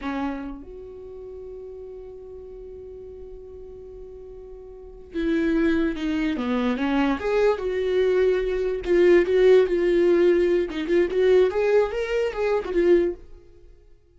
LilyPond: \new Staff \with { instrumentName = "viola" } { \time 4/4 \tempo 4 = 146 cis'4. fis'2~ fis'8~ | fis'1~ | fis'1~ | fis'8 e'2 dis'4 b8~ |
b8 cis'4 gis'4 fis'4.~ | fis'4. f'4 fis'4 f'8~ | f'2 dis'8 f'8 fis'4 | gis'4 ais'4 gis'8. fis'16 f'4 | }